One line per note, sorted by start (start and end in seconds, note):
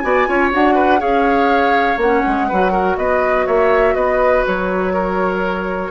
0.00 0.28 B3
0.00 0.27 F#4
0.00 0.28 D5
0.00 0.49 G#5
0.27 0.53 C#4
0.27 0.52 F4
0.27 0.75 C#5
0.52 1.02 D4
0.52 0.99 F#4
0.52 1.01 F#5
0.75 0.99 B4
0.99 1.97 C#4
0.99 1.97 G#4
0.99 2.48 C#5
0.99 1.99 F5
1.97 2.22 A#3
1.97 2.97 F#5
2.04 2.51 C#4
2.27 2.51 G#3
2.48 2.97 F#3
2.48 5.91 F#4
2.48 2.72 B4
2.72 2.97 A#4
2.97 3.47 B3
2.97 3.46 B4
2.97 3.46 D#5
3.46 3.95 A#3
3.46 3.95 C#5
3.46 3.95 E5
3.95 4.44 B3
3.95 4.93 B4
3.95 4.45 D#5
4.47 5.91 F#3
4.47 5.91 C#5
4.94 5.91 A#4